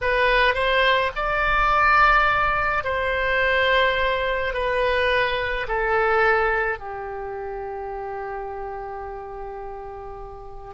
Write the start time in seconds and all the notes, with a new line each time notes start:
0.01 B4
0.54 C5
1.15 D5
2.84 C5
4.53 B4
5.68 A4
6.78 G4